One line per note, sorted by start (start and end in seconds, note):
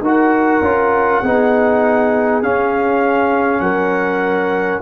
0.00 0.60 D#4
0.00 0.64 F#4
0.00 1.21 A#4
0.07 2.42 F#5
0.60 1.21 C#4
0.60 1.24 F4
1.21 2.42 B3
1.21 2.43 D#4
1.21 3.61 G#4
2.42 3.60 C#4
2.42 4.81 C#4
2.42 3.60 F5
3.60 4.79 F#3
3.60 4.81 A#4
3.60 4.80 F#5